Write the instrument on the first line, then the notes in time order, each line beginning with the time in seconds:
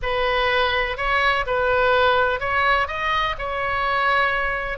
oboe
0.02 B4
0.97 C#5
1.46 B4
2.40 C#5
2.87 D#5
3.38 C#5